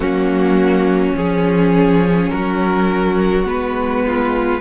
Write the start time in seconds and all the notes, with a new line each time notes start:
0.00 F#3 A#3 C#4 F#4
1.15 F3 C#4 G#4
2.29 F#3 F#4 A#4
3.45 G#3 B3 B4
4.06 F4